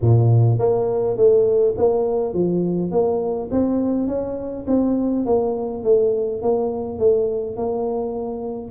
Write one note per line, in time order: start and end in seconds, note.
0.01 0.59 A#2
0.59 1.16 A#3
1.16 1.74 A3
1.77 2.33 A#3
2.33 2.91 F3
2.91 3.49 A#3
3.51 4.07 C4
4.07 4.65 C#4
4.67 5.25 C4
5.25 5.83 A#3
5.83 6.42 A3
6.42 6.98 A#3
6.98 7.56 A3
7.56 8.71 A#3